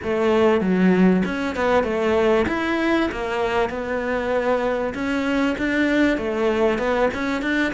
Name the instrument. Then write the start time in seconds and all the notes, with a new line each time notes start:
cello
0.03 A3
0.60 F#3
1.25 C#4
1.55 B3
1.83 A3
2.47 E4
3.11 A#3
3.69 B3
4.94 C#4
5.58 D4
6.17 A3
6.78 B3
7.14 C#4
7.42 D4